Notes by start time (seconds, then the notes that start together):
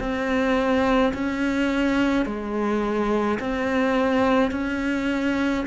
0.00 C4
1.14 C#4
2.26 G#3
3.40 C4
4.52 C#4